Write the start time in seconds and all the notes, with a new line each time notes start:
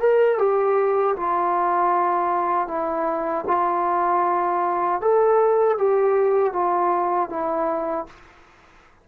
0.00 A#4
0.39 G4
1.17 F4
2.68 E4
3.47 F4
5.01 A4
5.78 G4
6.53 F4
7.30 E4